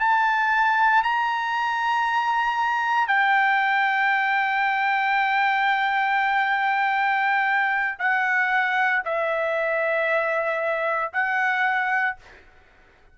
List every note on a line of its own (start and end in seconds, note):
0.00 1.03 A5
1.03 3.08 A#5
3.08 7.99 G5
7.99 9.03 F#5
9.05 11.12 E5
11.13 12.17 F#5